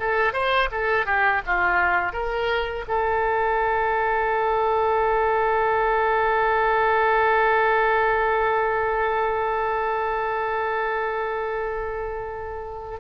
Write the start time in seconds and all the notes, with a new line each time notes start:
0.00 A4
0.33 C5
0.72 A4
1.06 G4
1.47 F4
2.13 A#4
2.88 A4